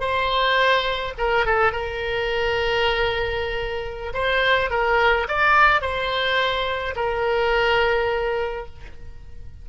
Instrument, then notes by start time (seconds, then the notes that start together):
oboe
0.00 C5
1.17 A#4
1.45 A4
1.72 A#4
4.13 C5
4.70 A#4
5.28 D5
5.81 C5
6.95 A#4